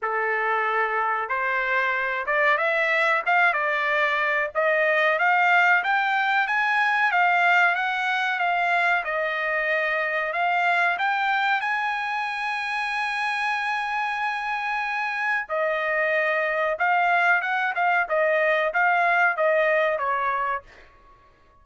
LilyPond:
\new Staff \with { instrumentName = "trumpet" } { \time 4/4 \tempo 4 = 93 a'2 c''4. d''8 | e''4 f''8 d''4. dis''4 | f''4 g''4 gis''4 f''4 | fis''4 f''4 dis''2 |
f''4 g''4 gis''2~ | gis''1 | dis''2 f''4 fis''8 f''8 | dis''4 f''4 dis''4 cis''4 | }